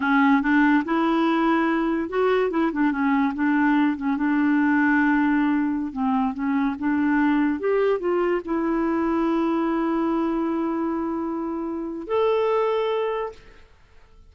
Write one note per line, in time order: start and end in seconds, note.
0.00 0.41 C#4
0.42 0.83 D4
0.84 2.09 E4
2.09 2.50 F#4
2.50 2.71 E4
2.72 2.91 D4
2.91 3.33 C#4
3.34 3.96 D4
3.97 4.16 C#4
4.16 5.92 D4
5.92 6.34 C4
6.34 6.75 C#4
6.78 7.59 D4
7.59 7.99 G4
7.99 8.41 F4
8.44 12.07 E4
12.07 13.32 A4